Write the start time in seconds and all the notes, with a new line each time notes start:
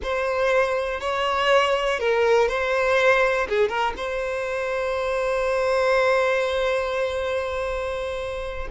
0.02 C5
1.00 C#5
1.99 A#4
2.48 C5
3.48 G#4
3.68 A#4
3.96 C5